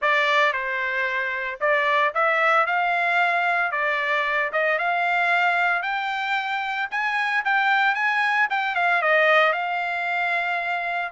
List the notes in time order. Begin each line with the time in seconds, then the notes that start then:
0.01 D5
0.53 C5
1.60 D5
2.14 E5
2.66 F5
3.71 D5
4.52 D#5
4.78 F5
5.82 G5
6.90 G#5
7.45 G5
7.94 G#5
8.50 G5
8.75 F5
9.01 D#5
9.52 F5